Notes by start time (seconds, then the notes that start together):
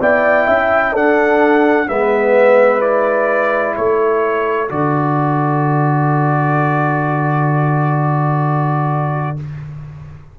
0.00 B3 E4 D5 G5
0.47 C#4 E5
0.93 D4 A4 F#5
1.87 G#3 B3 B4 E5
2.80 E4 D5
3.76 A3 A4 C#5
4.68 D3 F#4 D5